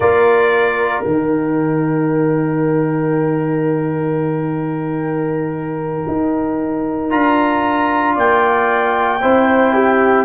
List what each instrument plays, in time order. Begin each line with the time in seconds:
0.00 tuba A#3, trombone F4, horn A#4, trumpet D5
1.03 tuba D#3, trombone D#4, trumpet G5
6.07 tuba D#4
7.09 tuba D4, trombone F4, trumpet A#5
8.14 tuba A#3, horn D5, trumpet G5
9.21 tuba C4, trombone E4, horn C5
9.73 horn G4